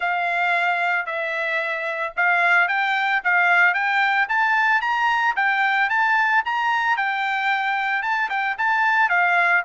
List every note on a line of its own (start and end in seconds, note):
0.00 1.06 F5
1.06 2.13 E5
2.16 2.68 F5
2.68 3.21 G5
3.24 3.74 F5
3.74 4.27 G5
4.29 4.81 A5
4.81 5.34 A#5
5.35 5.89 G5
5.89 6.43 A5
6.45 6.96 A#5
6.96 8.02 G5
8.02 8.29 A5
8.29 8.56 G5
8.57 9.09 A5
9.09 9.62 F5